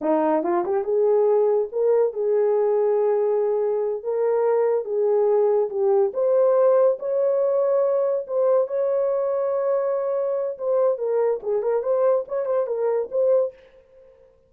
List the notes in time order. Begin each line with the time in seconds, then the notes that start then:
0.01 D#4
0.43 F4
0.65 G4
0.84 G#4
1.72 A#4
2.13 G#4
4.03 A#4
4.84 G#4
5.69 G4
6.13 C5
6.99 C#5
8.27 C5
8.67 C#5
10.58 C5
10.98 A#4
11.42 G#4
11.62 A#4
11.83 C5
12.27 C#5
12.45 C5
12.66 A#4
13.11 C5